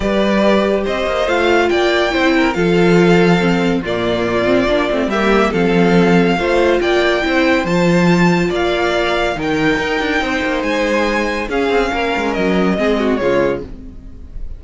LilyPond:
<<
  \new Staff \with { instrumentName = "violin" } { \time 4/4 \tempo 4 = 141 d''2 dis''4 f''4 | g''2 f''2~ | f''4 d''2. | e''4 f''2. |
g''2 a''2 | f''2 g''2~ | g''4 gis''2 f''4~ | f''4 dis''2 cis''4 | }
  \new Staff \with { instrumentName = "violin" } { \time 4/4 b'2 c''2 | d''4 c''8 ais'8 a'2~ | a'4 f'2. | g'4 a'2 c''4 |
d''4 c''2. | d''2 ais'2 | c''2. gis'4 | ais'2 gis'8 fis'8 f'4 | }
  \new Staff \with { instrumentName = "viola" } { \time 4/4 g'2. f'4~ | f'4 e'4 f'2 | c'4 ais4. c'8 d'8 c'8 | ais4 c'2 f'4~ |
f'4 e'4 f'2~ | f'2 dis'2~ | dis'2. cis'4~ | cis'2 c'4 gis4 | }
  \new Staff \with { instrumentName = "cello" } { \time 4/4 g2 c'8 ais8 a4 | ais4 c'4 f2~ | f4 ais,2 ais8 a8 | g4 f2 a4 |
ais4 c'4 f2 | ais2 dis4 dis'8 d'8 | c'8 ais8 gis2 cis'8 c'8 | ais8 gis8 fis4 gis4 cis4 | }
>>